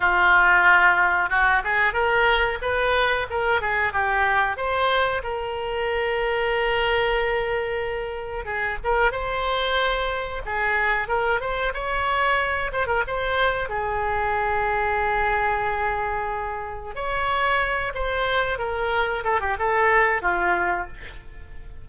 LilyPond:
\new Staff \with { instrumentName = "oboe" } { \time 4/4 \tempo 4 = 92 f'2 fis'8 gis'8 ais'4 | b'4 ais'8 gis'8 g'4 c''4 | ais'1~ | ais'4 gis'8 ais'8 c''2 |
gis'4 ais'8 c''8 cis''4. c''16 ais'16 | c''4 gis'2.~ | gis'2 cis''4. c''8~ | c''8 ais'4 a'16 g'16 a'4 f'4 | }